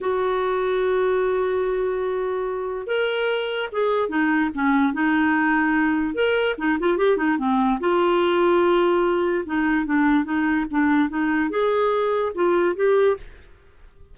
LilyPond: \new Staff \with { instrumentName = "clarinet" } { \time 4/4 \tempo 4 = 146 fis'1~ | fis'2. ais'4~ | ais'4 gis'4 dis'4 cis'4 | dis'2. ais'4 |
dis'8 f'8 g'8 dis'8 c'4 f'4~ | f'2. dis'4 | d'4 dis'4 d'4 dis'4 | gis'2 f'4 g'4 | }